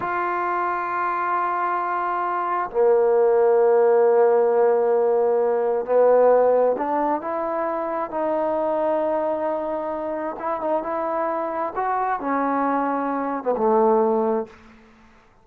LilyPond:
\new Staff \with { instrumentName = "trombone" } { \time 4/4 \tempo 4 = 133 f'1~ | f'2 ais2~ | ais1~ | ais4 b2 d'4 |
e'2 dis'2~ | dis'2. e'8 dis'8 | e'2 fis'4 cis'4~ | cis'4.~ cis'16 b16 a2 | }